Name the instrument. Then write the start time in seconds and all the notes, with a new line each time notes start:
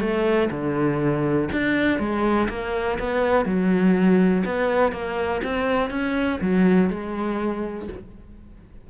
cello
0.00 A3
0.51 D3
1.52 D4
1.99 G#3
2.49 A#3
2.98 B3
3.45 F#3
4.45 B3
4.92 A#3
5.44 C4
5.90 C#4
6.40 F#3
6.89 G#3